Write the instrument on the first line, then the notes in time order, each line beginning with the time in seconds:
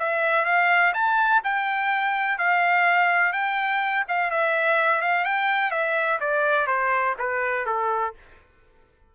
trumpet
0.00 E5
0.45 F5
0.94 A5
1.44 G5
2.39 F5
3.33 G5
4.09 F5
4.31 E5
5.02 F5
5.25 G5
5.71 E5
6.21 D5
6.67 C5
7.19 B4
7.66 A4